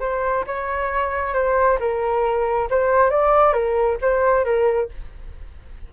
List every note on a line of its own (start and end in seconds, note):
0.00 0.44 C5
0.47 1.34 C#5
1.34 1.78 C5
1.80 2.68 A#4
2.70 3.10 C5
3.10 3.53 D5
3.53 3.98 A#4
4.01 4.44 C5
4.44 4.89 A#4